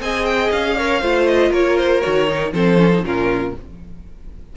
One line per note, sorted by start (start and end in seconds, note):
0.00 0.50 C4
0.00 0.77 G#4
0.00 0.77 D#5
0.00 0.25 G#5
0.25 0.50 G5
0.52 1.02 C#4
0.52 1.27 F5
0.77 1.02 A#4
0.77 1.00 C#5
1.00 1.51 A3
1.00 2.01 F4
1.00 1.50 C5
1.27 1.52 D#5
1.50 2.01 A#3
1.50 2.51 A#4
1.50 1.78 C#5
1.78 2.01 C5
2.01 2.53 D#3
2.01 2.27 F#4
2.01 2.51 C#5
2.27 2.53 D#4
2.53 3.02 F3
2.53 2.78 C4
2.53 3.04 A4
2.53 3.05 C5
2.78 2.90 C#4
2.93 3.03 D#4
3.02 3.53 A#2
3.02 3.54 C#4
3.02 3.56 F4
3.02 3.56 A#4